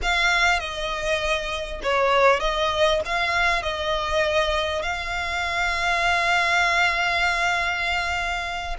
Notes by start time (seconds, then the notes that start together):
0.02 F5
0.59 D#5
1.82 C#5
2.40 D#5
3.05 F5
3.62 D#5
4.82 F5